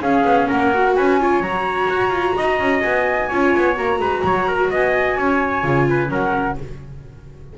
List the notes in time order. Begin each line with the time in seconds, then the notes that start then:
0.00 C#4 G#4 F5
0.24 B3
0.48 A#3 A#4 F#5
0.74 F#4
0.96 C#4 B4 G#5
1.20 F4 C#5
1.40 F#3 F#4 A#5
1.89 F#4
2.10 F4
2.36 D#4 D#5
2.60 C#4
2.81 B3 G#5
3.28 C#4 F4 C#5
3.57 B3
3.75 A#3 F#4 A#5
3.99 G#3 B4
4.24 F#3 C#5
4.48 A#4
4.70 B3 D#5 G#5
5.17 C#4 C#5
5.63 C#3 F4
5.90 B4
6.09 F#3 C#4 A#4 F#5